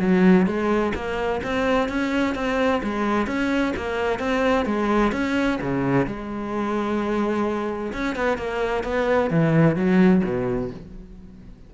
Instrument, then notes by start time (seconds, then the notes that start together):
cello
0.00 F#3
0.47 G#3
0.95 A#3
1.43 C4
1.89 C#4
2.35 C4
2.84 G#3
3.27 C#4
3.77 A#3
4.19 C4
4.66 G#3
5.12 C#4
5.62 C#3
6.07 G#3
7.93 C#4
8.16 B3
8.38 A#3
8.84 B3
9.31 E3
9.76 F#3
10.25 B2